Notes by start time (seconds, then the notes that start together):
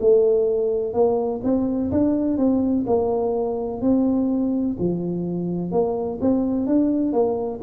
0.00 A3
0.93 A#3
1.43 C4
1.91 D4
2.37 C4
2.86 A#3
3.81 C4
4.79 F3
5.71 A#3
6.21 C4
6.66 D4
7.12 A#3